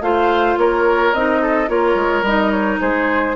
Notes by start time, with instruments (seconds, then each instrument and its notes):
0.00 bassoon A3, clarinet F4, oboe C5, flute F5
0.57 bassoon A#3, oboe A#4, flute C#5
1.13 bassoon C4, clarinet D#4, flute D#5
1.41 oboe A4
1.67 bassoon A#3, clarinet F4, oboe A#4, flute C#5
1.94 bassoon G#3
2.22 bassoon G3, clarinet D#4, flute D#5
2.50 flute C#5
2.80 bassoon G#3, oboe G#4, flute C5